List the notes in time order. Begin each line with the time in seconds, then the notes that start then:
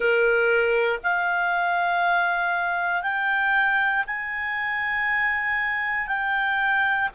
0.00 A#4
1.03 F5
3.02 G5
4.06 G#5
6.07 G5